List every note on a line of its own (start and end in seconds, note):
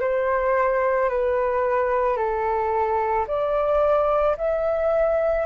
0.00 1.09 C5
1.09 2.17 B4
2.17 3.26 A4
3.27 4.36 D5
4.37 5.45 E5